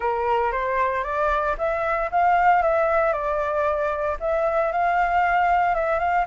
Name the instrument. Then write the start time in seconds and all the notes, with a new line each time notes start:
flute
0.00 A#4
0.52 C5
1.03 D5
1.58 E5
2.11 F5
2.62 E5
3.13 D5
4.20 E5
4.71 F5
5.75 E5
5.99 F5